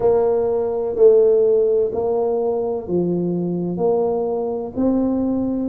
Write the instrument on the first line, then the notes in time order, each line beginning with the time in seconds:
tuba
0.00 A#3
0.95 A3
1.92 A#3
2.87 F3
3.77 A#3
4.76 C4